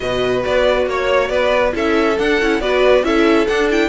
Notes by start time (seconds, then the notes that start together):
0.00 B2 F#4 B4 D#5
0.44 B3 D5
0.86 A#3 C#5
1.28 B3 B4 D5
1.72 C#4 E4 A4 E5
2.18 D4 F#5
2.41 C#4 E4
2.60 B3 F#4 B4 D5
3.03 C#4 E4 A4 E5
3.46 D4 F#5
3.70 E4 G5